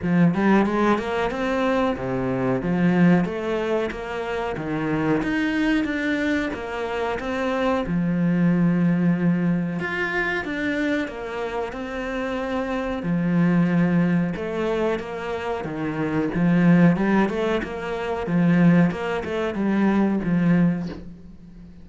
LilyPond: \new Staff \with { instrumentName = "cello" } { \time 4/4 \tempo 4 = 92 f8 g8 gis8 ais8 c'4 c4 | f4 a4 ais4 dis4 | dis'4 d'4 ais4 c'4 | f2. f'4 |
d'4 ais4 c'2 | f2 a4 ais4 | dis4 f4 g8 a8 ais4 | f4 ais8 a8 g4 f4 | }